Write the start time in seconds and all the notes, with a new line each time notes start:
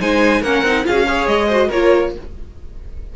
0.00 G#3 D#4 C5 G#5
0.42 A#3 C#4 A#4 F#5
0.63 C4 D#4
0.85 C#4 F4 G#4 F5
0.93 F#4
1.06 G#4 C#5
1.27 G#3 D#5
1.48 F#4 C5
1.68 A#3 F4 A#4 C#5